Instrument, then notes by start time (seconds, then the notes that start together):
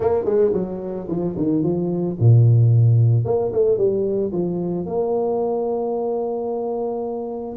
tuba
0.00 A#3
0.25 G#3
0.53 F#3
1.08 F3
1.37 D#3
1.63 F3
2.19 A#2
3.24 A#3
3.52 A3
3.77 G3
4.32 F3
4.86 A#3